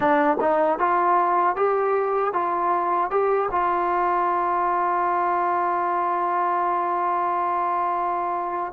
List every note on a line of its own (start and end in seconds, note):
0.00 0.37 D4
0.40 0.78 D#4
0.78 1.55 F4
1.55 2.33 G4
2.33 3.10 F4
3.10 3.49 G4
3.51 8.73 F4